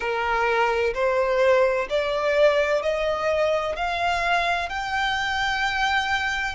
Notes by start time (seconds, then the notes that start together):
0.00 A#4
0.94 C5
1.89 D5
2.82 D#5
3.76 F5
4.69 G5